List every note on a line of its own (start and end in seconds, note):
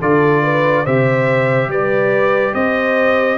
0.00 0.86 D3
0.00 0.86 F4
0.00 0.42 A4
0.00 0.85 D5
0.42 0.84 B4
0.84 1.68 C3
0.84 3.38 G4
0.84 1.69 C5
0.84 1.70 E5
1.68 2.52 G3
1.68 2.54 B4
1.68 2.54 D5
2.54 3.38 C4
2.54 3.38 C5
2.54 3.38 D#5